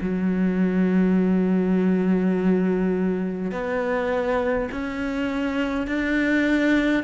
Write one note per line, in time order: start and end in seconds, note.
0.00 3.51 F#3
3.51 4.69 B3
4.71 5.87 C#4
5.87 7.03 D4